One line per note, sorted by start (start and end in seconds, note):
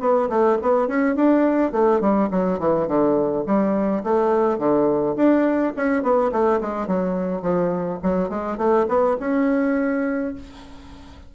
0.00 0.29 B3
0.29 0.58 A3
0.62 0.88 B3
0.88 1.15 C#4
1.15 1.72 D4
1.72 2.01 A3
2.01 2.29 G3
2.31 2.59 F#3
2.59 2.88 E3
2.88 3.45 D3
3.46 4.03 G3
4.03 4.58 A3
4.58 5.15 D3
5.16 5.73 D4
5.76 6.03 C#4
6.03 6.31 B3
6.32 6.60 A3
6.61 6.87 G#3
6.87 7.42 F#3
7.42 7.99 F3
8.03 8.29 F#3
8.29 8.58 G#3
8.58 8.86 A3
8.88 9.17 B3
9.20 10.34 C#4